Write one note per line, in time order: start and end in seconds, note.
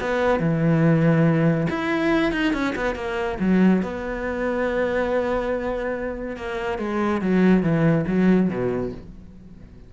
0.00 0.39 B3
0.39 1.67 E3
1.69 2.32 E4
2.32 2.53 D#4
2.53 2.74 C#4
2.76 2.95 B3
2.95 3.38 A#3
3.39 3.82 F#3
3.82 6.36 B3
6.36 6.78 A#3
6.78 7.21 G#3
7.21 7.62 F#3
7.62 8.05 E3
8.07 8.49 F#3
8.49 8.91 B2